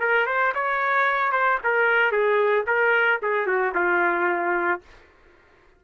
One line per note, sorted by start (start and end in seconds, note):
0.00 0.27 A#4
0.27 0.53 C5
0.55 1.32 C#5
1.32 1.59 C5
1.64 2.12 A#4
2.12 2.66 G#4
2.67 3.21 A#4
3.23 3.47 G#4
3.47 3.74 F#4
3.75 4.82 F4